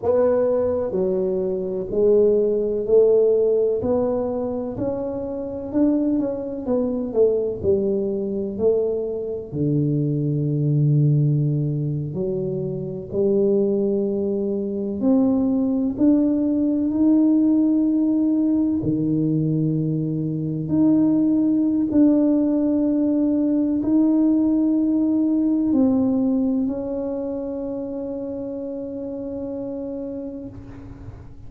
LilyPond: \new Staff \with { instrumentName = "tuba" } { \time 4/4 \tempo 4 = 63 b4 fis4 gis4 a4 | b4 cis'4 d'8 cis'8 b8 a8 | g4 a4 d2~ | d8. fis4 g2 c'16~ |
c'8. d'4 dis'2 dis16~ | dis4.~ dis16 dis'4~ dis'16 d'4~ | d'4 dis'2 c'4 | cis'1 | }